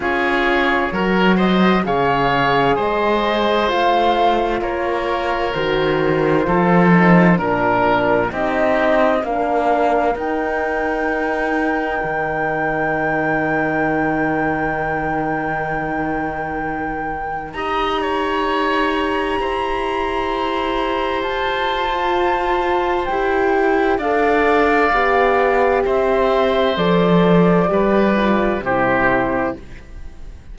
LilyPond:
<<
  \new Staff \with { instrumentName = "flute" } { \time 4/4 \tempo 4 = 65 cis''4. dis''8 f''4 dis''4 | f''4 cis''4 c''2 | ais'4 dis''4 f''4 g''4~ | g''1~ |
g''2. ais''4~ | ais''2. a''4~ | a''4 g''4 f''2 | e''4 d''2 c''4 | }
  \new Staff \with { instrumentName = "oboe" } { \time 4/4 gis'4 ais'8 c''8 cis''4 c''4~ | c''4 ais'2 a'4 | ais'4 g'4 ais'2~ | ais'1~ |
ais'2. dis''8 cis''8~ | cis''4 c''2.~ | c''2 d''2 | c''2 b'4 g'4 | }
  \new Staff \with { instrumentName = "horn" } { \time 4/4 f'4 fis'4 gis'2 | f'2 fis'4 f'8 dis'8 | d'4 dis'4 d'4 dis'4~ | dis'1~ |
dis'2. g'4~ | g'2.~ g'8. f'16~ | f'4 g'4 a'4 g'4~ | g'4 a'4 g'8 f'8 e'4 | }
  \new Staff \with { instrumentName = "cello" } { \time 4/4 cis'4 fis4 cis4 gis4 | a4 ais4 dis4 f4 | ais,4 c'4 ais4 dis'4~ | dis'4 dis2.~ |
dis2. dis'4~ | dis'4 e'2 f'4~ | f'4 e'4 d'4 b4 | c'4 f4 g4 c4 | }
>>